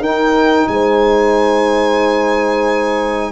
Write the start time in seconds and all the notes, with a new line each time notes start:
0.00 D#4 A#4 G5
0.68 G#3 C5 G#5